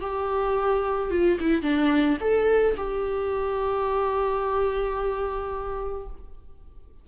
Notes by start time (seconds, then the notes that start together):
0.00 G4
1.10 F4
1.40 E4
1.62 D4
2.20 A4
2.76 G4